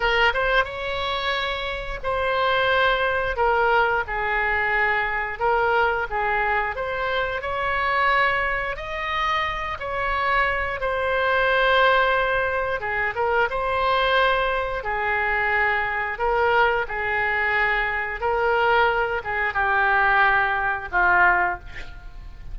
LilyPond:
\new Staff \with { instrumentName = "oboe" } { \time 4/4 \tempo 4 = 89 ais'8 c''8 cis''2 c''4~ | c''4 ais'4 gis'2 | ais'4 gis'4 c''4 cis''4~ | cis''4 dis''4. cis''4. |
c''2. gis'8 ais'8 | c''2 gis'2 | ais'4 gis'2 ais'4~ | ais'8 gis'8 g'2 f'4 | }